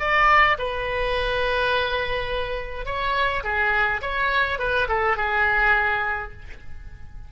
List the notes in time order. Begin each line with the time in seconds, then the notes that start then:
0.00 D5
0.59 B4
2.86 C#5
3.44 G#4
4.02 C#5
4.59 B4
4.89 A4
5.17 G#4